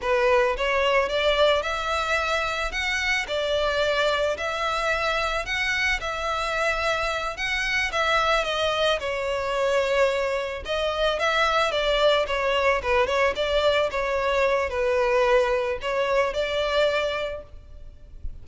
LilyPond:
\new Staff \with { instrumentName = "violin" } { \time 4/4 \tempo 4 = 110 b'4 cis''4 d''4 e''4~ | e''4 fis''4 d''2 | e''2 fis''4 e''4~ | e''4. fis''4 e''4 dis''8~ |
dis''8 cis''2. dis''8~ | dis''8 e''4 d''4 cis''4 b'8 | cis''8 d''4 cis''4. b'4~ | b'4 cis''4 d''2 | }